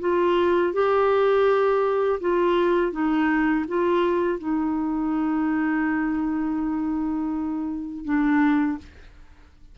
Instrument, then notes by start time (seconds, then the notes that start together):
clarinet
0.00 F4
0.73 G4
2.21 F4
2.92 D#4
3.68 F4
4.39 D#4
8.05 D4